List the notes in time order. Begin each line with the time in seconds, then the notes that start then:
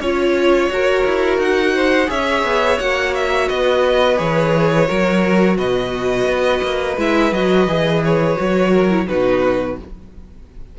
0.00 C#4 F4 C#5
0.70 F#4 A#4
1.05 E4
1.39 D#4 F#5
1.75 C5
2.07 C#4 G#4 C#5 E5
2.44 B3
2.80 A#3 F#4 F#5
3.15 E5
3.49 B3 B4 D#5
4.17 E3 G#4 C#5
4.88 F#3 F#4 A#4
5.58 B2 B4 D#5
6.26 B3
6.63 A#3
6.98 G#3 E4 E5
7.33 F#3 F#4 D#5
7.67 E3 G#4
8.05 C#5
8.37 F#3 F#4
8.71 A#4
8.90 E4
9.08 B2 D#4 F#4 B4